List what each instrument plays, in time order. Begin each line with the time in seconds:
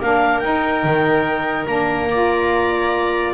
0.00 double bass A#3, saxophone D4, viola A#4, clarinet F5
0.39 saxophone D#4, double bass D#4, clarinet G5
0.83 double bass D#3
1.65 double bass A#3, saxophone D4, clarinet A#5
2.10 saxophone F4, viola D5